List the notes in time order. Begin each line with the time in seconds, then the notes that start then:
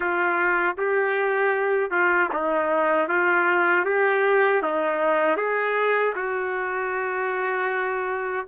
0.00 F4
0.77 G4
1.90 F4
2.33 D#4
3.08 F4
3.85 G4
4.62 D#4
5.36 G#4
6.15 F#4